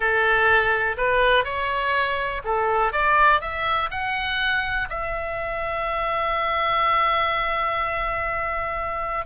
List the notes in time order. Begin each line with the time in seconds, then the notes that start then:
0.00 A4
0.97 B4
1.44 C#5
2.44 A4
2.92 D5
3.41 E5
3.90 F#5
4.89 E5